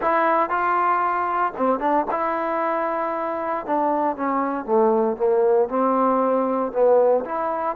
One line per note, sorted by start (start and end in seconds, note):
0.01 0.49 E4
0.49 1.53 F4
1.56 1.79 C4
1.79 2.05 D4
2.10 3.65 E4
3.65 4.16 D4
4.16 4.65 C#4
4.65 5.17 A3
5.17 5.68 A#3
5.68 6.72 C4
6.72 7.24 B3
7.25 7.76 E4